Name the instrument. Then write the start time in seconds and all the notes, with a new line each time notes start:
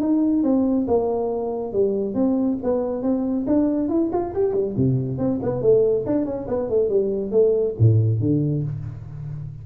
tuba
0.00 D#4
0.43 C4
0.87 A#3
1.72 G3
2.14 C4
2.63 B3
3.02 C4
3.46 D4
3.88 E4
4.12 F4
4.34 G4
4.53 G3
4.77 C3
5.18 C4
5.42 B3
5.61 A3
6.06 D4
6.25 C#4
6.47 B3
6.69 A3
6.89 G3
7.31 A3
7.79 A2
8.20 D3